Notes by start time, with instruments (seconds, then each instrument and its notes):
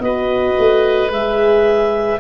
0.00 tuba B3, horn F#4, oboe B4, clarinet D#5
0.58 tuba A3
1.11 tuba G#3, horn G#4, clarinet E5